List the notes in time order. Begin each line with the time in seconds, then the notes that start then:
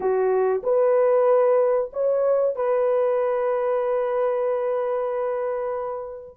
0.00 F#4
0.63 B4
1.92 C#5
2.55 B4